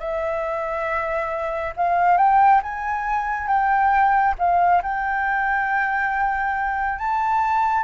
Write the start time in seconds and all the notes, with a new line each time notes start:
0.00 E5
1.77 F5
2.18 G5
2.63 G#5
3.48 G5
4.39 F5
4.83 G5
6.99 A5